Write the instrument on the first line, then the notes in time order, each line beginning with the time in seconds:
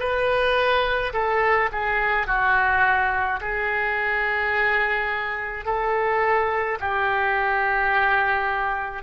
oboe
0.00 B4
1.13 A4
1.72 G#4
2.27 F#4
3.41 G#4
5.66 A4
6.80 G4